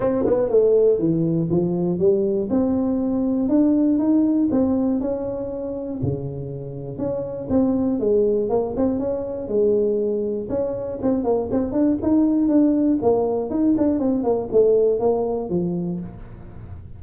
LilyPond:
\new Staff \with { instrumentName = "tuba" } { \time 4/4 \tempo 4 = 120 c'8 b8 a4 e4 f4 | g4 c'2 d'4 | dis'4 c'4 cis'2 | cis2 cis'4 c'4 |
gis4 ais8 c'8 cis'4 gis4~ | gis4 cis'4 c'8 ais8 c'8 d'8 | dis'4 d'4 ais4 dis'8 d'8 | c'8 ais8 a4 ais4 f4 | }